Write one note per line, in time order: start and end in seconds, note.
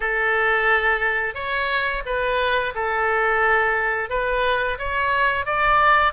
0.00 1.34 A4
1.34 2.02 C#5
2.05 2.73 B4
2.75 4.09 A4
4.09 4.77 B4
4.78 5.45 C#5
5.45 6.12 D5